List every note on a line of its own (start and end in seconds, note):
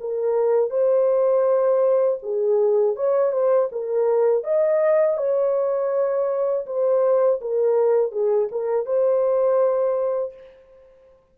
0.00 0.70 A#4
0.70 2.18 C5
2.22 2.95 G#4
2.95 3.32 C#5
3.32 3.69 C5
3.71 4.43 A#4
4.43 5.17 D#5
5.17 6.65 C#5
6.66 7.40 C5
7.40 8.11 A#4
8.11 8.48 G#4
8.51 8.85 A#4
8.85 10.33 C5